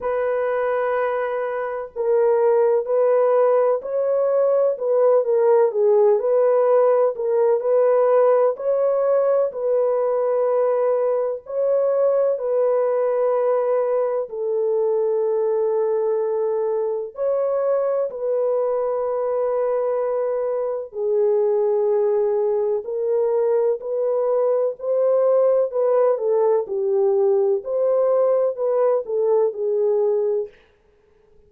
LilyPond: \new Staff \with { instrumentName = "horn" } { \time 4/4 \tempo 4 = 63 b'2 ais'4 b'4 | cis''4 b'8 ais'8 gis'8 b'4 ais'8 | b'4 cis''4 b'2 | cis''4 b'2 a'4~ |
a'2 cis''4 b'4~ | b'2 gis'2 | ais'4 b'4 c''4 b'8 a'8 | g'4 c''4 b'8 a'8 gis'4 | }